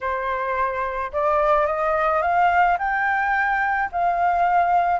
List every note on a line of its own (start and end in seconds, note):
0.00 1.11 C5
1.12 1.66 D5
1.66 2.21 D#5
2.21 2.77 F5
2.78 3.89 G5
3.91 5.00 F5